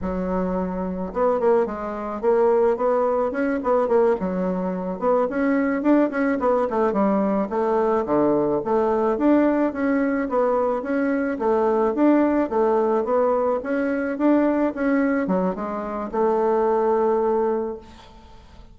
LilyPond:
\new Staff \with { instrumentName = "bassoon" } { \time 4/4 \tempo 4 = 108 fis2 b8 ais8 gis4 | ais4 b4 cis'8 b8 ais8 fis8~ | fis4 b8 cis'4 d'8 cis'8 b8 | a8 g4 a4 d4 a8~ |
a8 d'4 cis'4 b4 cis'8~ | cis'8 a4 d'4 a4 b8~ | b8 cis'4 d'4 cis'4 fis8 | gis4 a2. | }